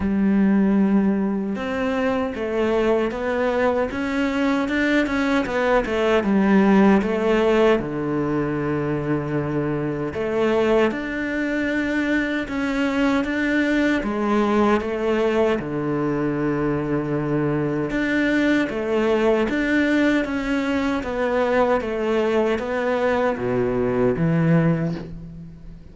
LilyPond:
\new Staff \with { instrumentName = "cello" } { \time 4/4 \tempo 4 = 77 g2 c'4 a4 | b4 cis'4 d'8 cis'8 b8 a8 | g4 a4 d2~ | d4 a4 d'2 |
cis'4 d'4 gis4 a4 | d2. d'4 | a4 d'4 cis'4 b4 | a4 b4 b,4 e4 | }